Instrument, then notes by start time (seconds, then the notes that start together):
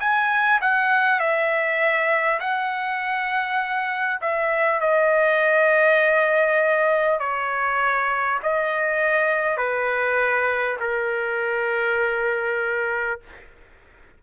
trumpet
0.00 G#5
0.61 F#5
1.19 E5
2.41 F#5
4.21 E5
4.81 D#5
7.19 C#5
8.43 D#5
9.57 B4
10.81 A#4